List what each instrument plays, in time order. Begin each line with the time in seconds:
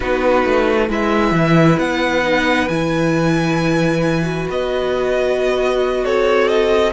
0.00 cello B3, viola D#4, violin F#4 B4
0.44 cello A3
0.88 cello G#3, viola E4, violin B4 E5
1.31 cello E3
1.77 cello B3, violin F#5
2.23 viola D#4
2.68 cello E3, viola E4, violin G#5
4.22 viola F#4
4.49 cello B3, violin D#5
6.03 cello C4, violin A4 C#5
6.48 violin D#5